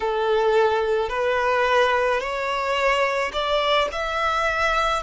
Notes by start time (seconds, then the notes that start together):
0.00 A4
1.09 B4
2.20 C#5
3.32 D5
3.91 E5